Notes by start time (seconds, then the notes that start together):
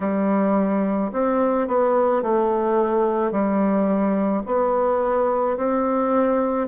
0.00 G3
1.12 C4
1.67 B3
2.22 A3
3.31 G3
4.45 B3
5.57 C4